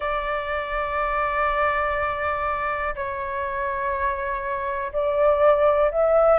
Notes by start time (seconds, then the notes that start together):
0.00 D5
2.95 C#5
4.92 D5
5.91 E5